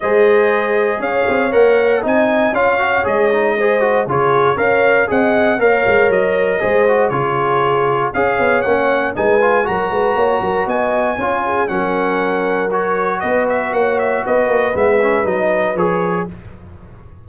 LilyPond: <<
  \new Staff \with { instrumentName = "trumpet" } { \time 4/4 \tempo 4 = 118 dis''2 f''4 fis''4 | gis''4 f''4 dis''2 | cis''4 f''4 fis''4 f''4 | dis''2 cis''2 |
f''4 fis''4 gis''4 ais''4~ | ais''4 gis''2 fis''4~ | fis''4 cis''4 dis''8 e''8 fis''8 e''8 | dis''4 e''4 dis''4 cis''4 | }
  \new Staff \with { instrumentName = "horn" } { \time 4/4 c''2 cis''2 | dis''4 cis''2 c''4 | gis'4 cis''4 dis''4 cis''4~ | cis''4 c''4 gis'2 |
cis''2 b'4 ais'8 b'8 | cis''8 ais'8 dis''4 cis''8 gis'8 ais'4~ | ais'2 b'4 cis''4 | b'1 | }
  \new Staff \with { instrumentName = "trombone" } { \time 4/4 gis'2. ais'4 | dis'4 f'8 fis'8 gis'8 dis'8 gis'8 fis'8 | f'4 ais'4 gis'4 ais'4~ | ais'4 gis'8 fis'8 f'2 |
gis'4 cis'4 dis'8 f'8 fis'4~ | fis'2 f'4 cis'4~ | cis'4 fis'2.~ | fis'4 b8 cis'8 dis'4 gis'4 | }
  \new Staff \with { instrumentName = "tuba" } { \time 4/4 gis2 cis'8 c'8 ais4 | c'4 cis'4 gis2 | cis4 cis'4 c'4 ais8 gis8 | fis4 gis4 cis2 |
cis'8 b8 ais4 gis4 fis8 gis8 | ais8 fis8 b4 cis'4 fis4~ | fis2 b4 ais4 | b8 ais8 gis4 fis4 f4 | }
>>